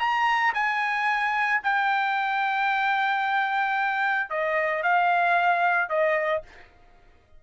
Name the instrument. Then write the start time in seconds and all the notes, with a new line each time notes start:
trumpet
0.00 A#5
0.54 G#5
1.63 G5
4.30 D#5
4.83 F5
5.89 D#5